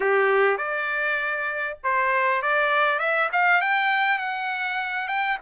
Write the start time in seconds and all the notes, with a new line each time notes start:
0.00 G4
0.57 D5
1.83 C5
2.42 D5
2.99 E5
3.32 F5
3.61 G5
4.18 F#5
5.08 G5